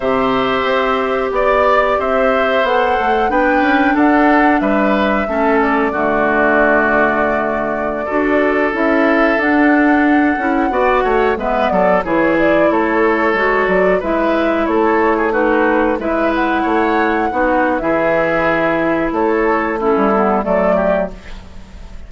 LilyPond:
<<
  \new Staff \with { instrumentName = "flute" } { \time 4/4 \tempo 4 = 91 e''2 d''4 e''4 | fis''4 g''4 fis''4 e''4~ | e''8 d''2.~ d''8~ | d''4~ d''16 e''4 fis''4.~ fis''16~ |
fis''4~ fis''16 e''8 d''8 cis''8 d''8 cis''8.~ | cis''8. d''8 e''4 cis''4 b'8.~ | b'16 e''8 fis''2~ fis''16 e''4~ | e''4 cis''4 a'4 d''4 | }
  \new Staff \with { instrumentName = "oboe" } { \time 4/4 c''2 d''4 c''4~ | c''4 b'4 a'4 b'4 | a'4 fis'2.~ | fis'16 a'2.~ a'8.~ |
a'16 d''8 cis''8 b'8 a'8 gis'4 a'8.~ | a'4~ a'16 b'4 a'8. gis'16 fis'8.~ | fis'16 b'4 cis''4 fis'8. gis'4~ | gis'4 a'4 e'4 a'8 g'8 | }
  \new Staff \with { instrumentName = "clarinet" } { \time 4/4 g'1 | a'4 d'2. | cis'4 a2.~ | a16 fis'4 e'4 d'4. e'16~ |
e'16 fis'4 b4 e'4.~ e'16~ | e'16 fis'4 e'2 dis'8.~ | dis'16 e'2 dis'8. e'4~ | e'2 cis'8 b8 a4 | }
  \new Staff \with { instrumentName = "bassoon" } { \time 4/4 c4 c'4 b4 c'4 | b8 a8 b8 cis'8 d'4 g4 | a4 d2.~ | d16 d'4 cis'4 d'4. cis'16~ |
cis'16 b8 a8 gis8 fis8 e4 a8.~ | a16 gis8 fis8 gis4 a4.~ a16~ | a16 gis4 a4 b8. e4~ | e4 a4~ a16 g8. fis4 | }
>>